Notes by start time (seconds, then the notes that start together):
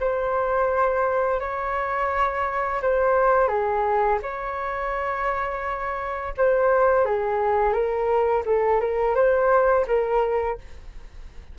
0.00 C5
1.40 C#5
2.82 C5
3.48 G#4
4.22 C#5
6.37 C5
7.05 G#4
7.73 A#4
8.46 A4
8.80 A#4
9.15 C5
9.87 A#4